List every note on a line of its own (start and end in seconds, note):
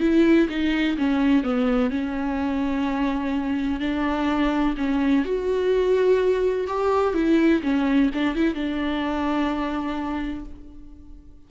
0.00 0.48 E4
0.48 0.96 D#4
0.97 1.43 C#4
1.43 1.90 B3
1.90 3.80 C#4
3.80 4.75 D4
4.77 5.24 C#4
5.24 6.67 F#4
6.67 7.14 G4
7.14 7.61 E4
7.62 8.10 C#4
8.13 8.35 D4
8.35 8.54 E4
8.54 10.45 D4